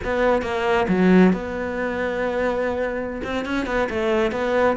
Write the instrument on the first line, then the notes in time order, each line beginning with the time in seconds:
cello
0.03 B3
0.42 A#3
0.88 F#3
1.32 B3
3.23 C4
3.45 C#4
3.66 B3
3.89 A3
4.31 B3